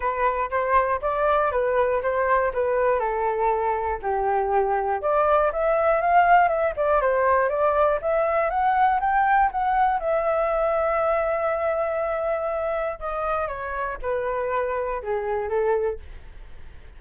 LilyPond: \new Staff \with { instrumentName = "flute" } { \time 4/4 \tempo 4 = 120 b'4 c''4 d''4 b'4 | c''4 b'4 a'2 | g'2 d''4 e''4 | f''4 e''8 d''8 c''4 d''4 |
e''4 fis''4 g''4 fis''4 | e''1~ | e''2 dis''4 cis''4 | b'2 gis'4 a'4 | }